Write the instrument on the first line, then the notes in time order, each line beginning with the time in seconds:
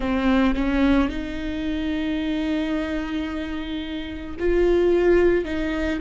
viola
0.00 C4
0.55 C#4
1.09 D#4
4.39 F4
5.44 D#4